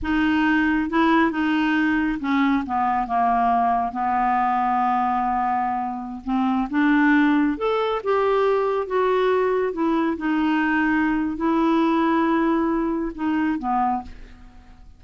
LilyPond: \new Staff \with { instrumentName = "clarinet" } { \time 4/4 \tempo 4 = 137 dis'2 e'4 dis'4~ | dis'4 cis'4 b4 ais4~ | ais4 b2.~ | b2~ b16 c'4 d'8.~ |
d'4~ d'16 a'4 g'4.~ g'16~ | g'16 fis'2 e'4 dis'8.~ | dis'2 e'2~ | e'2 dis'4 b4 | }